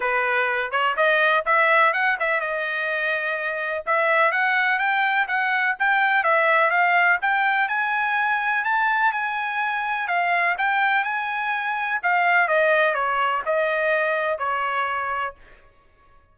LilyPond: \new Staff \with { instrumentName = "trumpet" } { \time 4/4 \tempo 4 = 125 b'4. cis''8 dis''4 e''4 | fis''8 e''8 dis''2. | e''4 fis''4 g''4 fis''4 | g''4 e''4 f''4 g''4 |
gis''2 a''4 gis''4~ | gis''4 f''4 g''4 gis''4~ | gis''4 f''4 dis''4 cis''4 | dis''2 cis''2 | }